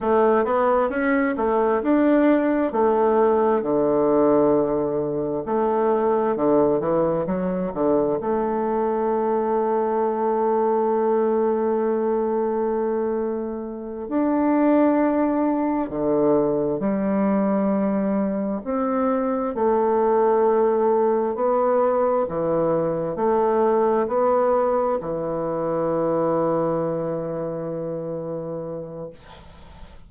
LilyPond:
\new Staff \with { instrumentName = "bassoon" } { \time 4/4 \tempo 4 = 66 a8 b8 cis'8 a8 d'4 a4 | d2 a4 d8 e8 | fis8 d8 a2.~ | a2.~ a8 d'8~ |
d'4. d4 g4.~ | g8 c'4 a2 b8~ | b8 e4 a4 b4 e8~ | e1 | }